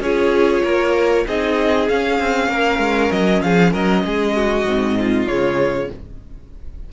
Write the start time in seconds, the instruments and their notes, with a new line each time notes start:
0.00 cello C#4, viola F4, violin G#4 C#5
0.63 cello A#3, violin A#4
1.27 cello C4, viola D#4, violin G#4 D#5
1.88 viola C#4, cello C#4, violin F5
2.19 cello C4
2.48 cello A#3, violin A#4
2.79 cello G#3
3.11 cello F#3, violin D#5
3.42 cello F3, violin G#4 F5
3.72 cello F#3, violin A#4 D#5
4.05 cello G#3, violin G#4
4.36 violin F#4
4.65 cello G#2, viola C4
5.00 violin F4
5.27 cello C#3, viola G#3, violin C#5